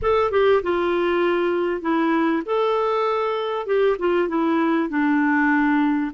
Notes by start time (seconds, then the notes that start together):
0.01 A4
0.31 G4
0.62 F4
1.81 E4
2.45 A4
3.66 G4
3.98 F4
4.28 E4
4.89 D4